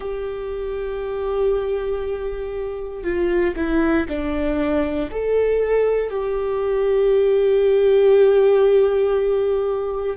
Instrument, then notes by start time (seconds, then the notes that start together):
viola
0.00 G4
3.03 F4
3.55 E4
4.08 D4
5.10 A4
6.10 G4